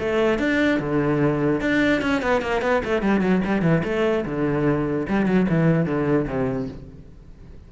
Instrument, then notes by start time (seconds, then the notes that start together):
cello
0.00 A3
0.39 D4
0.80 D3
1.61 D4
2.02 C#4
2.22 B3
2.42 A#3
2.62 B3
2.85 A3
3.02 G3
3.21 F#3
3.45 G3
3.63 E3
3.84 A3
4.25 D3
5.09 G3
5.26 F#3
5.50 E3
5.86 D3
6.28 C3